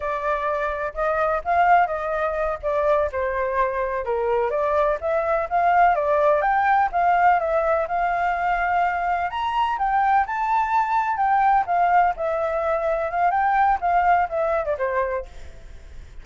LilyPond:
\new Staff \with { instrumentName = "flute" } { \time 4/4 \tempo 4 = 126 d''2 dis''4 f''4 | dis''4. d''4 c''4.~ | c''8 ais'4 d''4 e''4 f''8~ | f''8 d''4 g''4 f''4 e''8~ |
e''8 f''2. ais''8~ | ais''8 g''4 a''2 g''8~ | g''8 f''4 e''2 f''8 | g''4 f''4 e''8. d''16 c''4 | }